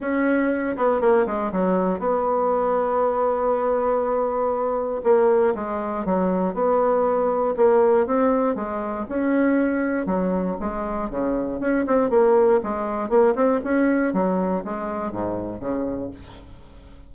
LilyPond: \new Staff \with { instrumentName = "bassoon" } { \time 4/4 \tempo 4 = 119 cis'4. b8 ais8 gis8 fis4 | b1~ | b2 ais4 gis4 | fis4 b2 ais4 |
c'4 gis4 cis'2 | fis4 gis4 cis4 cis'8 c'8 | ais4 gis4 ais8 c'8 cis'4 | fis4 gis4 gis,4 cis4 | }